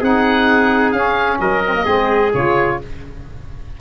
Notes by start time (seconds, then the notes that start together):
0.00 C4 D#4 G#4 F#5
0.92 C#4 F5
1.40 F#3 A#4 D#5
1.65 C4
1.74 A#3
1.84 G#3 C4 G#4
2.33 C#3 F4 C#5